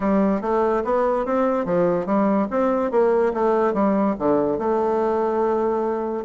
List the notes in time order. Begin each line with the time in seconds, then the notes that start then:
0.00 G3
0.41 A3
0.84 B3
1.25 C4
1.65 F3
2.05 G3
2.50 C4
2.91 A#3
3.33 A3
3.73 G3
4.19 D3
4.58 A3